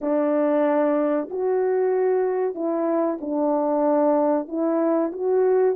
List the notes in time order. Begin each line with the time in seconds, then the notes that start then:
0.01 D4
1.30 F#4
2.54 E4
3.20 D4
4.47 E4
5.12 F#4